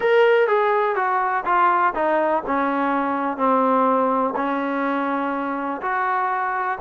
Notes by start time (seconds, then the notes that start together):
0.00 A#4
0.47 G#4
0.95 F#4
1.45 F4
1.94 D#4
2.46 C#4
3.37 C4
4.36 C#4
5.81 F#4